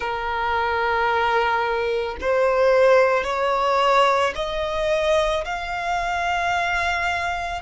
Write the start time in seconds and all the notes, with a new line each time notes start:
0.00 A#4
2.21 C5
3.24 C#5
4.35 D#5
5.44 F5